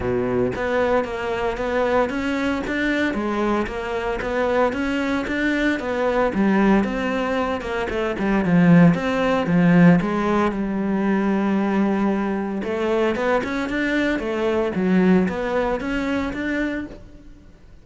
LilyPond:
\new Staff \with { instrumentName = "cello" } { \time 4/4 \tempo 4 = 114 b,4 b4 ais4 b4 | cis'4 d'4 gis4 ais4 | b4 cis'4 d'4 b4 | g4 c'4. ais8 a8 g8 |
f4 c'4 f4 gis4 | g1 | a4 b8 cis'8 d'4 a4 | fis4 b4 cis'4 d'4 | }